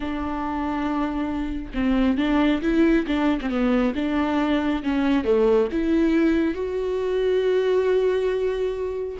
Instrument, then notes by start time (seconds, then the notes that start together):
viola
0.00 D4
1.74 C4
2.17 D4
2.62 E4
3.07 D4
3.41 C4
3.49 B3
3.95 D4
4.83 C#4
5.24 A3
5.72 E4
6.54 F#4